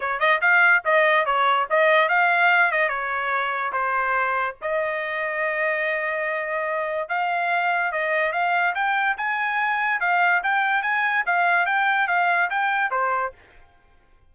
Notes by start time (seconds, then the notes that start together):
0.00 C#5
0.19 D#5
0.41 F5
0.84 D#5
1.25 C#5
1.70 D#5
2.09 F5
2.71 D#5
2.88 C#5
3.72 C5
4.61 D#5
7.09 F5
7.92 D#5
8.32 F5
8.74 G5
9.17 G#5
10.00 F5
10.43 G5
10.82 G#5
11.26 F5
11.66 G5
12.07 F5
12.50 G5
12.91 C5